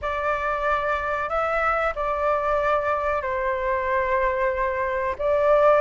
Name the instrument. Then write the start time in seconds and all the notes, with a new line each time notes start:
flute
0.01 D5
1.29 E5
1.95 D5
3.21 C5
5.18 D5